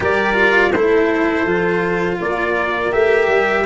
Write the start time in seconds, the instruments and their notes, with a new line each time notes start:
0.00 tuba G3, cello G4, horn A#4, trumpet D5
0.34 cello F4
0.72 tuba A3, cello E4, horn A4, trumpet C5
1.44 tuba F3, cello F4
2.20 tuba A#3, horn A#4, trumpet D5
2.91 tuba A3, cello G4, trumpet E5
3.28 tuba G3